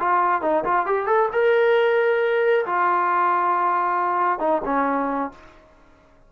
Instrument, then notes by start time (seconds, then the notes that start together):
trombone
0.00 F4
0.42 D#4
0.65 F4
0.87 G4
1.07 A4
1.33 A#4
2.66 F4
4.40 D#4
4.65 C#4